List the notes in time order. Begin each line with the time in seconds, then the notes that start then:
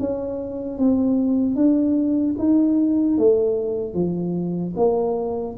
0.00 C#4
0.79 C4
1.56 D4
2.39 D#4
3.18 A3
3.94 F3
4.77 A#3